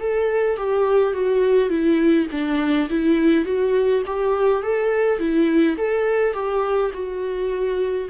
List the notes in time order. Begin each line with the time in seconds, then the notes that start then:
0.00 A4
0.57 G4
1.13 F#4
1.69 E4
2.31 D4
2.90 E4
3.45 F#4
4.06 G4
4.63 A4
5.19 E4
5.77 A4
6.34 G4
6.93 F#4